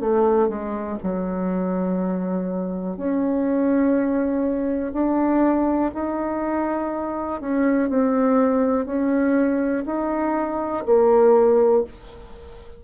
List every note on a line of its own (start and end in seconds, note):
0.00 0.48 A3
0.48 0.97 G#3
1.02 2.96 F#3
2.96 4.92 C#4
4.92 5.91 D4
5.94 7.41 D#4
7.41 7.89 C#4
7.89 8.85 C4
8.85 9.84 C#4
9.85 10.84 D#4
10.86 11.84 A#3